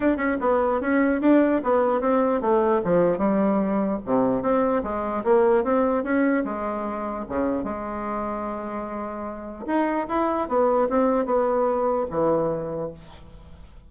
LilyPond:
\new Staff \with { instrumentName = "bassoon" } { \time 4/4 \tempo 4 = 149 d'8 cis'8 b4 cis'4 d'4 | b4 c'4 a4 f4 | g2 c4 c'4 | gis4 ais4 c'4 cis'4 |
gis2 cis4 gis4~ | gis1 | dis'4 e'4 b4 c'4 | b2 e2 | }